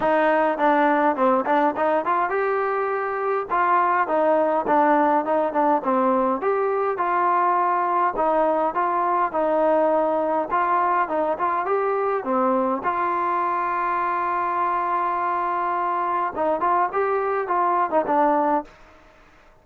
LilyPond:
\new Staff \with { instrumentName = "trombone" } { \time 4/4 \tempo 4 = 103 dis'4 d'4 c'8 d'8 dis'8 f'8 | g'2 f'4 dis'4 | d'4 dis'8 d'8 c'4 g'4 | f'2 dis'4 f'4 |
dis'2 f'4 dis'8 f'8 | g'4 c'4 f'2~ | f'1 | dis'8 f'8 g'4 f'8. dis'16 d'4 | }